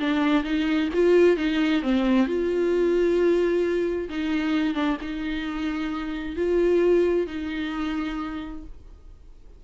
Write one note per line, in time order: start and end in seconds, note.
0.00 0.44 D4
0.44 0.89 D#4
0.94 1.37 F4
1.37 1.83 D#4
1.83 2.27 C4
2.27 4.09 F4
4.10 4.75 D#4
4.75 4.98 D4
5.01 6.37 D#4
6.37 7.27 F4
7.27 8.64 D#4